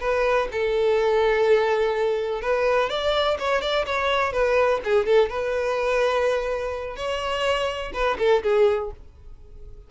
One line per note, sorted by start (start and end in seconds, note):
0.00 0.48 B4
0.52 2.42 A4
2.42 2.89 B4
2.89 3.37 D5
3.39 3.61 C#5
3.61 3.85 D5
3.86 4.33 C#5
4.33 4.81 B4
4.84 5.06 G#4
5.06 5.29 A4
5.29 6.96 B4
6.96 7.92 C#5
7.93 8.17 B4
8.18 8.42 A4
8.43 8.91 G#4